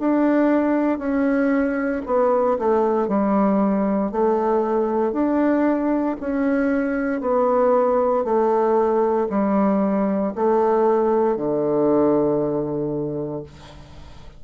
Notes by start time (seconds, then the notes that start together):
0.00 D4
0.99 C#4
2.06 B3
2.59 A3
3.08 G3
4.12 A3
5.13 D4
6.21 C#4
7.21 B3
8.24 A3
9.30 G3
10.35 A3
11.37 D3